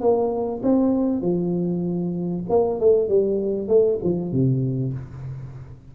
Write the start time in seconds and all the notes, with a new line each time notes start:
0.00 A#3
0.62 C4
1.21 F3
2.49 A#3
2.80 A3
3.08 G3
3.68 A3
4.03 F3
4.32 C3